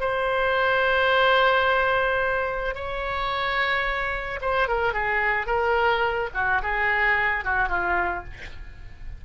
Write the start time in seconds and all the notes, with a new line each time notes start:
0.00 C5
2.75 C#5
4.41 C5
4.68 A#4
4.93 G#4
5.47 A#4
6.34 F#4
6.62 G#4
7.44 F#4
7.69 F4